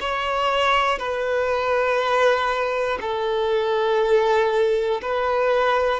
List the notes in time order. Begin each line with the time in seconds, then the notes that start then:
0.00 C#5
0.99 B4
3.01 A4
5.02 B4